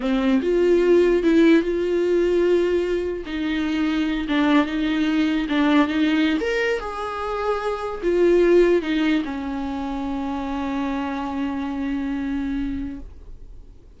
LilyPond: \new Staff \with { instrumentName = "viola" } { \time 4/4 \tempo 4 = 148 c'4 f'2 e'4 | f'1 | dis'2~ dis'8 d'4 dis'8~ | dis'4. d'4 dis'4~ dis'16 ais'16~ |
ais'8. gis'2. f'16~ | f'4.~ f'16 dis'4 cis'4~ cis'16~ | cis'1~ | cis'1 | }